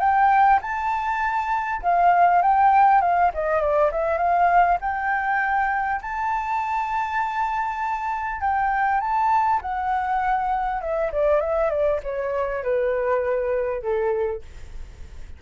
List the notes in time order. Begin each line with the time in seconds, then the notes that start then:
0.00 G5
0.62 A5
1.82 F5
2.42 G5
3.01 F5
3.34 D#5
3.61 D5
3.92 E5
4.18 F5
4.81 G5
6.02 A5
8.41 G5
9.01 A5
9.62 F#5
10.82 E5
11.12 D5
11.41 E5
11.71 D5
12.04 C#5
12.64 B4
13.82 A4